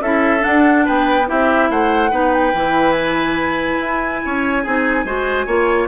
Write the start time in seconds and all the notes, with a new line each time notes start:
0.00 C#4 E4 A4 E5
0.39 D4 F#5
0.45 D4
0.85 B3 B4 G5
1.26 C4 E4 G4 E5
1.69 A3 C5 F#5
2.10 B3 D#4 B4
2.34 G5
2.53 E3 E4
2.92 G#5
3.80 E4
4.25 C#4 C#5
4.63 C4 D#4 G#4
5.04 G#3 F#4 C5
5.46 A#3 F4 C#5